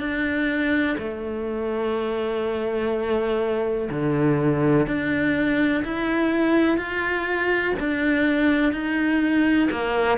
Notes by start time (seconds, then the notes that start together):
0.00 D4
0.99 A3
3.90 D3
4.87 D4
5.84 E4
6.78 F4
7.79 D4
8.72 D#4
9.71 A#3